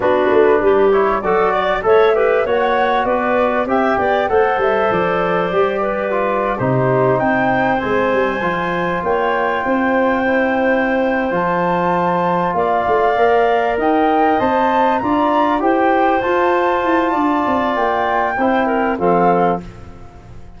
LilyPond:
<<
  \new Staff \with { instrumentName = "flute" } { \time 4/4 \tempo 4 = 98 b'4. cis''8 d''4 e''4 | fis''4 d''4 g''4 fis''8 e''8 | d''2~ d''8. c''4 g''16~ | g''8. gis''2 g''4~ g''16~ |
g''2~ g''8 a''4.~ | a''8 f''2 g''4 a''8~ | a''8 ais''4 g''4 a''4.~ | a''4 g''2 f''4 | }
  \new Staff \with { instrumentName = "clarinet" } { \time 4/4 fis'4 g'4 a'8 d''8 cis''8 b'8 | cis''4 b'4 e''8 d''8 c''4~ | c''4. b'4~ b'16 g'4 c''16~ | c''2~ c''8. cis''4 c''16~ |
c''1~ | c''8 d''2 dis''4.~ | dis''8 d''4 c''2~ c''8 | d''2 c''8 ais'8 a'4 | }
  \new Staff \with { instrumentName = "trombone" } { \time 4/4 d'4. e'8 fis'4 a'8 g'8 | fis'2 g'4 a'4~ | a'4 g'4 f'8. dis'4~ dis'16~ | dis'8. c'4 f'2~ f'16~ |
f'8. e'4.~ e'16 f'4.~ | f'4. ais'2 c''8~ | c''8 f'4 g'4 f'4.~ | f'2 e'4 c'4 | }
  \new Staff \with { instrumentName = "tuba" } { \time 4/4 b8 a8 g4 fis4 a4 | ais4 b4 c'8 b8 a8 g8 | f4 g4.~ g16 c4 c'16~ | c'8. gis8 g8 f4 ais4 c'16~ |
c'2~ c'8 f4.~ | f8 ais8 a8 ais4 dis'4 c'8~ | c'8 d'4 e'4 f'4 e'8 | d'8 c'8 ais4 c'4 f4 | }
>>